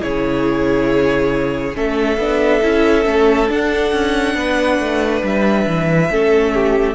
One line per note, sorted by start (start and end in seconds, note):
0.00 1.76 C#3
0.00 1.74 E4
0.00 1.76 G#4
0.00 1.77 C#5
1.74 2.18 A3
1.74 2.17 C#4
1.74 4.37 A4
1.74 3.51 E5
2.18 2.61 B3
2.18 2.63 D4
2.63 3.06 C#4
2.63 3.05 E4
3.05 3.49 A3
3.05 3.48 C#4
3.48 6.09 D4
3.48 3.93 D4
3.48 5.25 F#5
3.93 4.35 C#4
4.35 4.79 B3
4.35 6.12 B4
4.79 5.23 A3
5.23 5.67 G3
5.23 6.96 E5
5.67 6.10 E3
6.10 6.96 A3
6.10 6.96 C#4
6.10 6.55 A4
6.55 6.96 G4